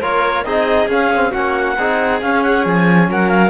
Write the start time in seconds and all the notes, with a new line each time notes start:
0.00 A#3 F4 A#4 C#5
0.44 C4 D#4 G#4 D#5
0.87 C#4 F5
1.14 C4
1.31 A#3 C#4 F#4 F#5
1.78 C4 D#4 G#4
2.21 C#4 F5
2.42 F#5
2.65 F3 G#5
3.08 F#3 A#4 F#5
3.28 F5